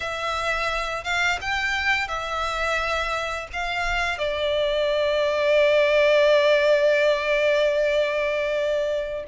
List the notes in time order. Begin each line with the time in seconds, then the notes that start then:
0.00 E5
1.04 F5
1.41 G5
2.07 E5
3.52 F5
4.18 D5